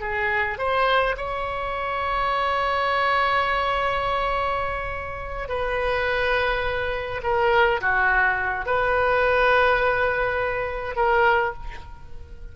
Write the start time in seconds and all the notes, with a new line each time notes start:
0.00 G#4
0.58 C5
1.17 C#5
5.48 B4
7.22 A#4
7.81 F#4
8.65 B4
10.95 A#4